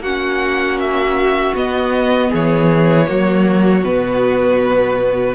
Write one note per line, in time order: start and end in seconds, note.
0.00 1.52 A#3
0.00 1.56 C#4
0.00 2.30 F#4
0.00 0.78 F#5
0.80 1.56 E5
1.54 2.30 B3
1.54 3.06 B3
1.54 2.33 D#5
2.30 3.10 E3
2.30 3.06 G#4
2.30 3.85 C#5
3.06 3.84 F#3
3.06 3.82 A#3
3.06 5.35 F#4
3.84 5.35 B2
3.84 5.35 B3
3.84 5.35 B4